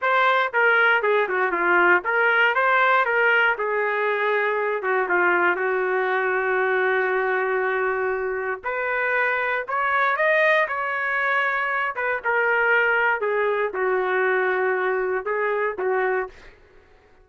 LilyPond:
\new Staff \with { instrumentName = "trumpet" } { \time 4/4 \tempo 4 = 118 c''4 ais'4 gis'8 fis'8 f'4 | ais'4 c''4 ais'4 gis'4~ | gis'4. fis'8 f'4 fis'4~ | fis'1~ |
fis'4 b'2 cis''4 | dis''4 cis''2~ cis''8 b'8 | ais'2 gis'4 fis'4~ | fis'2 gis'4 fis'4 | }